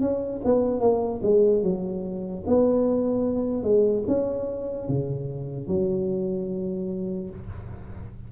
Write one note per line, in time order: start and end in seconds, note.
0.00 0.41 C#4
0.44 0.80 B3
0.80 1.21 A#3
1.22 1.63 G#3
1.63 2.44 F#3
2.47 3.63 B3
3.63 4.04 G#3
4.07 4.88 C#4
4.88 5.67 C#3
5.67 7.29 F#3